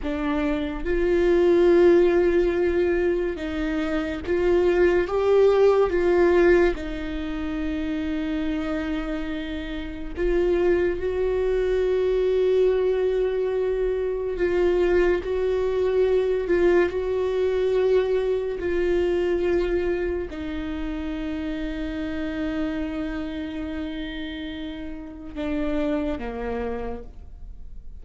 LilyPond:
\new Staff \with { instrumentName = "viola" } { \time 4/4 \tempo 4 = 71 d'4 f'2. | dis'4 f'4 g'4 f'4 | dis'1 | f'4 fis'2.~ |
fis'4 f'4 fis'4. f'8 | fis'2 f'2 | dis'1~ | dis'2 d'4 ais4 | }